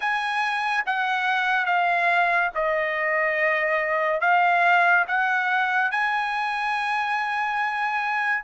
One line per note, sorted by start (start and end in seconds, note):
0.00 0.83 G#5
0.86 1.65 F#5
1.65 2.50 F5
2.54 4.20 D#5
4.20 5.05 F5
5.07 5.91 F#5
5.91 8.44 G#5